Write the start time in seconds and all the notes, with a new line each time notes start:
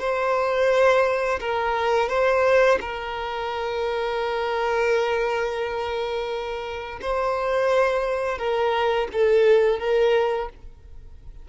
0.00 C5
1.40 A#4
2.09 C5
2.81 A#4
7.01 C5
8.38 A#4
9.13 A4
9.79 A#4